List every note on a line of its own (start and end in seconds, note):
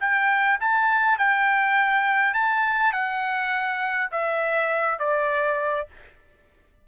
0.00 0.59 G5
0.60 1.18 A5
1.18 2.34 G5
2.34 2.93 A5
2.93 4.10 F#5
4.11 4.99 E5
4.99 5.87 D5